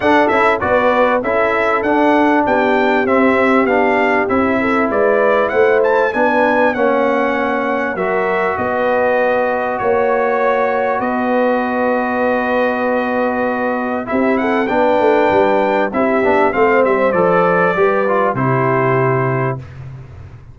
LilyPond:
<<
  \new Staff \with { instrumentName = "trumpet" } { \time 4/4 \tempo 4 = 98 fis''8 e''8 d''4 e''4 fis''4 | g''4 e''4 f''4 e''4 | d''4 fis''8 a''8 gis''4 fis''4~ | fis''4 e''4 dis''2 |
cis''2 dis''2~ | dis''2. e''8 fis''8 | g''2 e''4 f''8 e''8 | d''2 c''2 | }
  \new Staff \with { instrumentName = "horn" } { \time 4/4 a'4 b'4 a'2 | g'2.~ g'8 a'8 | b'4 c''4 b'4 cis''4~ | cis''4 ais'4 b'2 |
cis''2 b'2~ | b'2. g'8 a'8 | b'2 g'4 c''4~ | c''4 b'4 g'2 | }
  \new Staff \with { instrumentName = "trombone" } { \time 4/4 d'8 e'8 fis'4 e'4 d'4~ | d'4 c'4 d'4 e'4~ | e'2 d'4 cis'4~ | cis'4 fis'2.~ |
fis'1~ | fis'2. e'4 | d'2 e'8 d'8 c'4 | a'4 g'8 f'8 e'2 | }
  \new Staff \with { instrumentName = "tuba" } { \time 4/4 d'8 cis'8 b4 cis'4 d'4 | b4 c'4 b4 c'4 | gis4 a4 b4 ais4~ | ais4 fis4 b2 |
ais2 b2~ | b2. c'4 | b8 a8 g4 c'8 b8 a8 g8 | f4 g4 c2 | }
>>